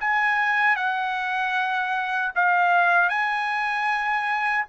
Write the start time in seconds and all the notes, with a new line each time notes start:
0.00 G#5
0.76 F#5
2.35 F5
3.09 G#5